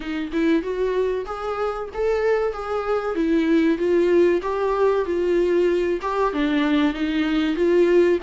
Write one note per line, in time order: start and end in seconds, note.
0.00 0.30 D#4
0.32 0.62 E4
0.62 1.25 F#4
1.25 1.88 G#4
1.93 2.52 A4
2.52 3.15 G#4
3.15 3.78 E4
3.78 4.41 F4
4.42 5.05 G4
5.05 6.00 F4
6.01 6.33 G4
6.33 6.93 D4
6.93 7.55 D#4
7.55 8.18 F4